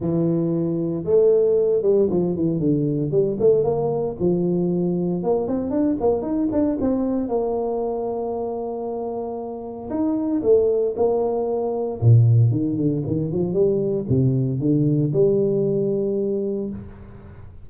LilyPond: \new Staff \with { instrumentName = "tuba" } { \time 4/4 \tempo 4 = 115 e2 a4. g8 | f8 e8 d4 g8 a8 ais4 | f2 ais8 c'8 d'8 ais8 | dis'8 d'8 c'4 ais2~ |
ais2. dis'4 | a4 ais2 ais,4 | dis8 d8 dis8 f8 g4 c4 | d4 g2. | }